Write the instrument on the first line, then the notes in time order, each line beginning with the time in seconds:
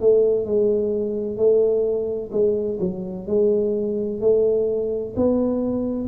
tuba
0.00 A3
0.45 G#3
1.37 A3
2.32 G#3
2.80 F#3
3.27 G#3
4.21 A3
5.16 B3